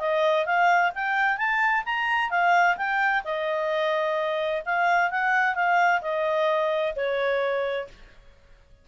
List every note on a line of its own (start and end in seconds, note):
0.00 0.46 D#5
0.46 0.92 F5
0.95 1.38 G5
1.38 1.84 A5
1.86 2.31 A#5
2.31 2.77 F5
2.77 3.23 G5
3.25 4.63 D#5
4.66 5.11 F5
5.11 5.55 F#5
5.55 6.01 F5
6.02 6.94 D#5
6.96 7.88 C#5